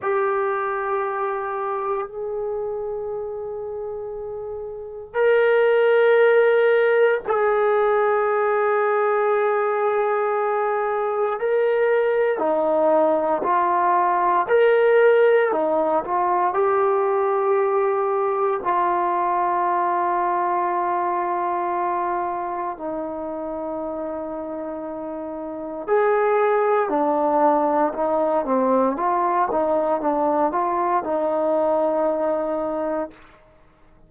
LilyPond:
\new Staff \with { instrumentName = "trombone" } { \time 4/4 \tempo 4 = 58 g'2 gis'2~ | gis'4 ais'2 gis'4~ | gis'2. ais'4 | dis'4 f'4 ais'4 dis'8 f'8 |
g'2 f'2~ | f'2 dis'2~ | dis'4 gis'4 d'4 dis'8 c'8 | f'8 dis'8 d'8 f'8 dis'2 | }